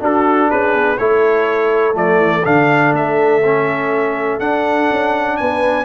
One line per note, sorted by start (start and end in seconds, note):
0.00 0.98 D4
0.00 0.50 D4
0.00 0.50 F#4
0.00 0.51 A4
0.50 0.74 C#4
0.50 0.99 G#4
0.50 0.98 B4
0.74 0.99 B3
0.98 1.95 A3
0.98 1.94 E4
0.98 5.38 A4
0.98 1.95 C#5
1.94 2.18 F3
1.94 2.42 A3
1.94 2.46 D5
2.18 2.42 E3
2.45 2.93 D3
2.45 3.42 D4
2.45 2.94 F5
2.93 4.39 A3
2.93 4.40 E5
3.44 4.40 C#4
4.40 4.89 D4
4.40 5.86 D4
4.40 5.37 F#5
4.91 5.40 C#4
5.37 5.86 B3
5.37 5.86 B4
5.37 5.86 G#5